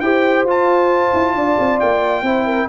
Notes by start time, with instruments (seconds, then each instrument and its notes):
0.00 tuba E4, trombone G4, horn C5, trumpet G5
0.44 tuba F4, trombone F4, trumpet A5
1.13 tuba E4
1.34 tuba D4, horn D5
1.59 tuba C4
1.80 tuba A#3, trumpet G5
2.22 tuba C4, trombone E4, horn C5
2.45 horn A#4